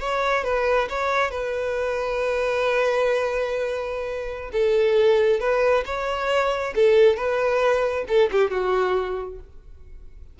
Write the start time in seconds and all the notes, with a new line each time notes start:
0.00 C#5
0.44 B4
0.89 C#5
1.31 B4
4.52 A4
5.40 B4
5.86 C#5
6.75 A4
7.17 B4
8.08 A4
8.31 G4
8.51 F#4